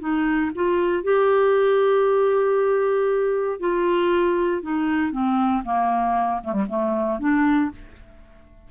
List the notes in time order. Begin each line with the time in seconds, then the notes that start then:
0.00 D#4
0.55 F4
1.03 G4
3.60 F4
4.62 D#4
5.12 C4
5.64 A#3
6.44 A3
6.53 G3
6.69 A3
7.19 D4